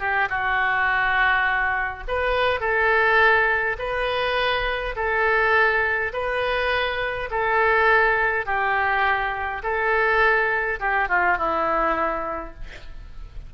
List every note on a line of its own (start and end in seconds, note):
0.00 0.29 G4
0.30 2.04 F#4
2.08 2.61 B4
2.61 3.77 A4
3.79 4.96 B4
4.96 6.13 A4
6.14 7.30 B4
7.31 8.46 A4
8.46 9.63 G4
9.64 10.80 A4
10.81 11.09 G4
11.09 11.38 F4
11.38 12.55 E4